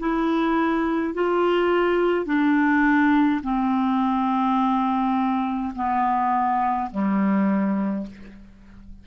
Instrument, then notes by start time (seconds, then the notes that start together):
clarinet
0.00 E4
1.14 F4
2.26 D4
3.44 C4
5.75 B3
6.91 G3